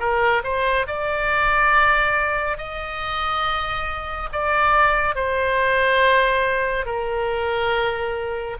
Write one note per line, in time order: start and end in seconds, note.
0.00 0.43 A#4
0.44 0.86 C5
0.87 2.58 D5
2.58 4.29 D#5
4.33 5.15 D5
5.15 6.86 C5
6.86 8.57 A#4